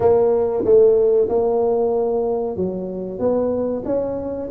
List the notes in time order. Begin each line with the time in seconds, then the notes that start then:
0.00 A#3
0.64 A3
1.29 A#3
2.56 F#3
3.19 B3
3.85 C#4